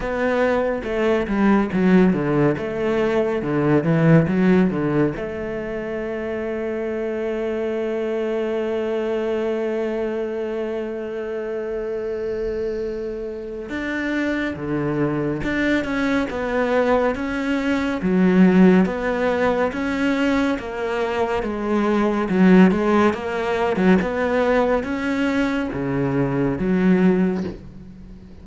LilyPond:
\new Staff \with { instrumentName = "cello" } { \time 4/4 \tempo 4 = 70 b4 a8 g8 fis8 d8 a4 | d8 e8 fis8 d8 a2~ | a1~ | a1 |
d'4 d4 d'8 cis'8 b4 | cis'4 fis4 b4 cis'4 | ais4 gis4 fis8 gis8 ais8. fis16 | b4 cis'4 cis4 fis4 | }